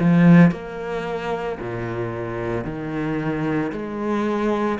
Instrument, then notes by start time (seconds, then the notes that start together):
cello
0.00 F3
0.52 A#3
1.60 A#2
2.64 D#3
3.72 G#3